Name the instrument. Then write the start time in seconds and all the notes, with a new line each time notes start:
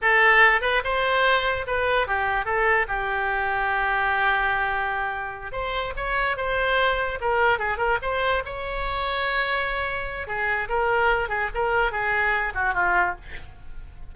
oboe
0.01 A4
0.61 B4
0.83 C5
1.66 B4
2.07 G4
2.45 A4
2.88 G4
5.52 C5
5.96 C#5
6.36 C5
7.20 A#4
7.58 G#4
7.77 A#4
8.02 C5
8.45 C#5
10.27 G#4
10.68 A#4
11.28 G#4
11.54 A#4
11.91 G#4
12.54 F#4
12.74 F4